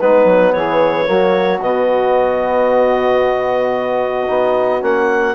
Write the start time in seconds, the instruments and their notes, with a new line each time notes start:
0.00 bassoon G#3, trombone B3, saxophone D#4, clarinet B4
0.25 bassoon F#3
0.53 bassoon E3, saxophone G#4, clarinet C#5
1.06 bassoon F#3, trombone A#3, saxophone F#4
1.61 bassoon B2, trombone B3, clarinet D#5
4.28 bassoon B3, trombone D#4
4.80 bassoon A#3, trombone C#4, clarinet F#5